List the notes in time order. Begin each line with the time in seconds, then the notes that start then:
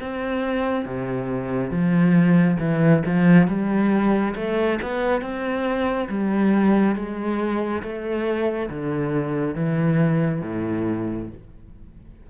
0.00 C4
0.85 C3
1.71 F3
2.60 E3
3.06 F3
3.47 G3
4.36 A3
4.82 B3
5.21 C4
6.09 G3
6.95 G#3
7.83 A3
8.70 D3
9.55 E3
10.42 A2